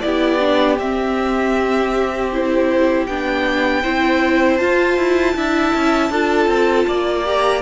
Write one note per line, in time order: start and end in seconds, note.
0.00 0.78 B3
0.00 0.39 E4
0.00 3.81 G4
0.00 0.76 D5
0.39 0.77 D4
0.78 3.06 C4
0.78 2.32 C4
0.78 2.30 E5
2.32 3.08 E4
2.32 3.06 C5
3.06 3.84 B3
3.06 3.83 D4
3.06 4.57 G5
3.81 4.60 C4
3.81 4.59 E4
3.81 5.33 C5
4.57 5.35 F4
4.57 4.97 F4
4.57 7.22 A5
4.97 5.35 E4
5.35 5.73 D4
5.35 6.11 E4
5.35 6.10 E5
5.74 6.09 C#4
6.09 6.47 D4
6.09 7.24 F4
6.09 6.86 A4
6.47 6.85 C4
6.87 7.62 A#3
6.87 7.62 D5
7.24 7.62 G4
7.24 7.62 A#5